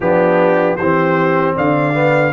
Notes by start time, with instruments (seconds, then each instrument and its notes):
0.00 tuba F3, trombone B3, horn D4, trumpet G4
0.76 tuba E3, trombone C4, horn G4, trumpet C5
1.55 tuba D3, horn D5, trumpet F5
1.93 trombone B3